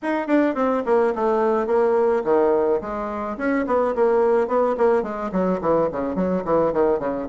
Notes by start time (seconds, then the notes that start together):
0.02 D#4
0.27 D4
0.55 C4
0.85 A#3
1.15 A3
1.66 A#3
2.24 D#3
2.81 G#3
3.37 C#4
3.67 B3
3.95 A#3
4.47 B3
4.77 A#3
5.02 G#3
5.31 F#3
5.61 E3
5.92 C#3
6.15 F#3
6.45 E3
6.72 D#3
6.99 C#3